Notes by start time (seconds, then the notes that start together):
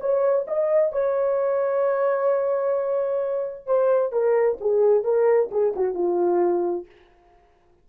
0.00 C#5
0.47 D#5
0.92 C#5
3.66 C5
4.12 A#4
4.60 G#4
5.04 A#4
5.51 G#4
5.76 F#4
5.94 F4